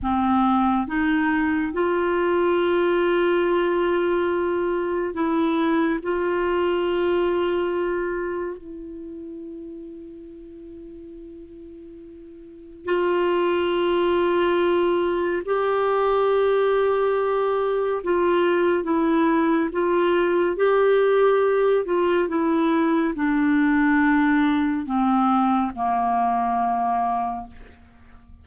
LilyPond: \new Staff \with { instrumentName = "clarinet" } { \time 4/4 \tempo 4 = 70 c'4 dis'4 f'2~ | f'2 e'4 f'4~ | f'2 e'2~ | e'2. f'4~ |
f'2 g'2~ | g'4 f'4 e'4 f'4 | g'4. f'8 e'4 d'4~ | d'4 c'4 ais2 | }